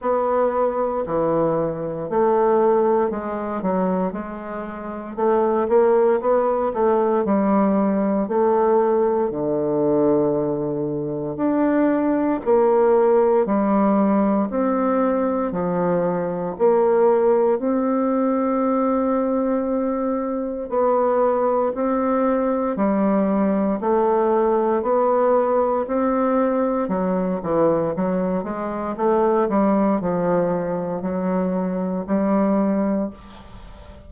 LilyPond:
\new Staff \with { instrumentName = "bassoon" } { \time 4/4 \tempo 4 = 58 b4 e4 a4 gis8 fis8 | gis4 a8 ais8 b8 a8 g4 | a4 d2 d'4 | ais4 g4 c'4 f4 |
ais4 c'2. | b4 c'4 g4 a4 | b4 c'4 fis8 e8 fis8 gis8 | a8 g8 f4 fis4 g4 | }